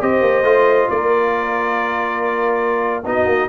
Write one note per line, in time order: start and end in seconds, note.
0.00 0.21 C4
0.00 0.44 G4
0.00 0.89 C5
0.00 0.89 D#5
0.21 0.43 A#3
0.43 0.88 A3
0.43 3.03 F4
0.89 3.05 A#3
0.89 3.04 A#4
0.89 3.04 D5
3.05 3.26 B3
3.05 3.49 D#4
3.05 3.49 F#4
3.05 3.49 D#5
3.26 3.48 A#3